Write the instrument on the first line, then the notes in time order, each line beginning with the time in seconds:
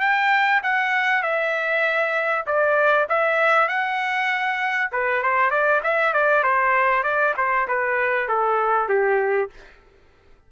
trumpet
0.00 G5
0.63 F#5
1.22 E5
2.46 D5
3.09 E5
3.68 F#5
4.92 B4
5.22 C5
5.50 D5
5.83 E5
6.13 D5
6.43 C5
7.03 D5
7.37 C5
7.68 B4
8.28 A4
8.88 G4